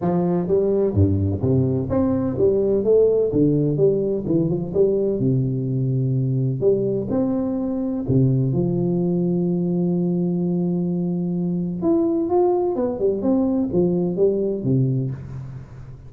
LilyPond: \new Staff \with { instrumentName = "tuba" } { \time 4/4 \tempo 4 = 127 f4 g4 g,4 c4 | c'4 g4 a4 d4 | g4 e8 f8 g4 c4~ | c2 g4 c'4~ |
c'4 c4 f2~ | f1~ | f4 e'4 f'4 b8 g8 | c'4 f4 g4 c4 | }